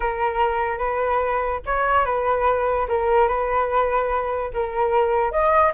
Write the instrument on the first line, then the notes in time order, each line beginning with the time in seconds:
flute
0.00 A#4
0.78 B4
1.66 C#5
2.05 B4
2.88 A#4
3.28 B4
4.53 A#4
5.31 D#5